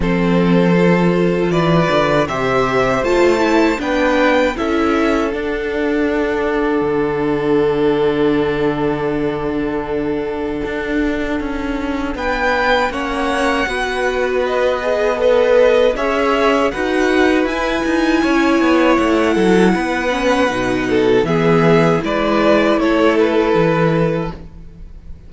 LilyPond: <<
  \new Staff \with { instrumentName = "violin" } { \time 4/4 \tempo 4 = 79 c''2 d''4 e''4 | a''4 g''4 e''4 fis''4~ | fis''1~ | fis''1 |
g''4 fis''2 dis''4 | b'4 e''4 fis''4 gis''4~ | gis''4 fis''2. | e''4 d''4 cis''8 b'4. | }
  \new Staff \with { instrumentName = "violin" } { \time 4/4 a'2 b'4 c''4~ | c''4 b'4 a'2~ | a'1~ | a'1 |
b'4 cis''4 b'2 | dis''4 cis''4 b'2 | cis''4. a'8 b'4. a'8 | gis'4 b'4 a'2 | }
  \new Staff \with { instrumentName = "viola" } { \time 4/4 c'4 f'2 g'4 | f'8 e'8 d'4 e'4 d'4~ | d'1~ | d'1~ |
d'4 cis'4 fis'4. gis'8 | a'4 gis'4 fis'4 e'4~ | e'2~ e'8 cis'8 dis'4 | b4 e'2. | }
  \new Staff \with { instrumentName = "cello" } { \time 4/4 f2 e8 d8 c4 | a4 b4 cis'4 d'4~ | d'4 d2.~ | d2 d'4 cis'4 |
b4 ais4 b2~ | b4 cis'4 dis'4 e'8 dis'8 | cis'8 b8 a8 fis8 b4 b,4 | e4 gis4 a4 e4 | }
>>